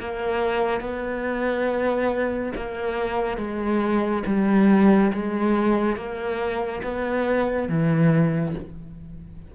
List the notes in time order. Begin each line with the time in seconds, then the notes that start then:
0.00 A#3
0.81 B3
2.56 A#3
3.37 G#3
4.26 G3
5.12 G#3
5.96 A#3
6.83 B3
7.68 E3